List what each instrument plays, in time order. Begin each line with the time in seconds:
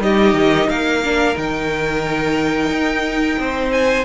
0.00 cello G3, viola D#4, violin G4 D#5
0.34 cello D#3
0.69 cello A#3, violin A#4 F5
1.04 viola D4
1.35 cello D#3, viola D#4, violin G5
2.70 cello D#4
3.39 cello C4, violin C5
3.72 violin G#5